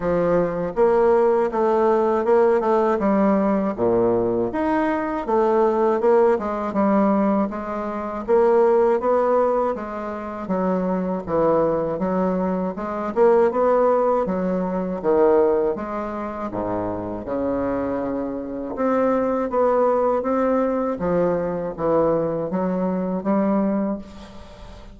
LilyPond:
\new Staff \with { instrumentName = "bassoon" } { \time 4/4 \tempo 4 = 80 f4 ais4 a4 ais8 a8 | g4 ais,4 dis'4 a4 | ais8 gis8 g4 gis4 ais4 | b4 gis4 fis4 e4 |
fis4 gis8 ais8 b4 fis4 | dis4 gis4 gis,4 cis4~ | cis4 c'4 b4 c'4 | f4 e4 fis4 g4 | }